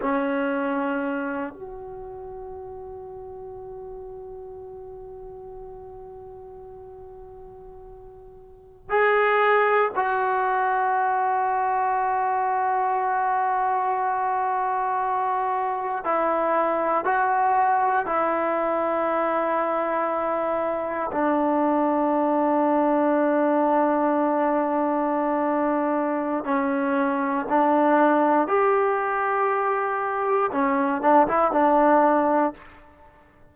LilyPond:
\new Staff \with { instrumentName = "trombone" } { \time 4/4 \tempo 4 = 59 cis'4. fis'2~ fis'8~ | fis'1~ | fis'8. gis'4 fis'2~ fis'16~ | fis'2.~ fis'8. e'16~ |
e'8. fis'4 e'2~ e'16~ | e'8. d'2.~ d'16~ | d'2 cis'4 d'4 | g'2 cis'8 d'16 e'16 d'4 | }